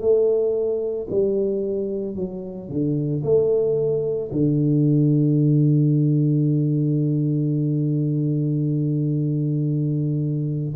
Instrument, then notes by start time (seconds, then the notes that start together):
tuba
0.00 A3
1.10 G3
2.16 F#3
2.69 D3
3.24 A3
4.31 D3